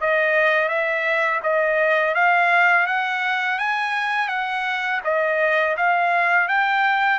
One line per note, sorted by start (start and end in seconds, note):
0.00 0.68 D#5
0.68 1.40 E5
1.43 2.14 D#5
2.14 2.86 F5
2.86 3.58 F#5
3.58 4.28 G#5
4.28 5.00 F#5
5.04 5.76 D#5
5.77 6.48 F5
6.48 7.19 G5